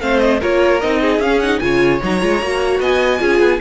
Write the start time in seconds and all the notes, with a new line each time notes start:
0.00 A3 C4 C5 F5
0.19 D#5
0.40 A#3 F4 A#4 C#5
0.80 C4 D#4 D#5
1.01 G#4
1.19 C#4 F5
1.40 D#4 F#5
1.59 C#3 F4 C#5 G#5
2.01 F#3 D#4 A#5
2.20 G#3 F4
2.42 A#3 F#4
2.80 B3 D#5 G#5
3.19 C#4 F4 G#4
3.39 B3